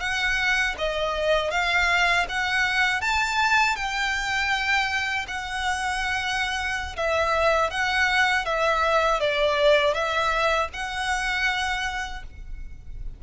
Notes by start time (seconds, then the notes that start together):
0.00 F#5
0.78 D#5
1.51 F5
2.29 F#5
3.01 A5
3.76 G5
5.27 F#5
6.96 E5
7.70 F#5
8.45 E5
9.20 D5
9.94 E5
10.73 F#5